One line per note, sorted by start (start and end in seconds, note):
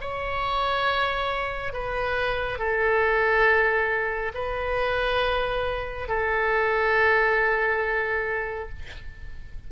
0.00 1.73 C#5
1.73 2.58 B4
2.58 4.32 A4
4.34 6.08 B4
6.08 8.68 A4